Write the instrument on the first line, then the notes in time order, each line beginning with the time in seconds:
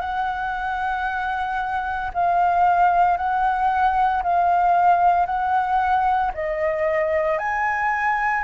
flute
0.00 F#5
2.13 F5
3.17 F#5
4.22 F5
5.26 F#5
6.33 D#5
7.38 G#5